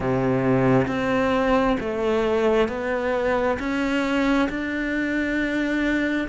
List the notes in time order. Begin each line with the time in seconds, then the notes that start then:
0.00 C3
0.87 C4
1.80 A3
2.68 B3
3.59 C#4
4.49 D4